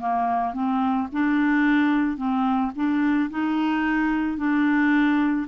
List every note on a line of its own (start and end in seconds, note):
0.00 0.54 A#3
0.54 1.08 C4
1.13 2.17 D4
2.17 2.72 C4
2.76 3.30 D4
3.31 4.38 D#4
4.38 5.47 D4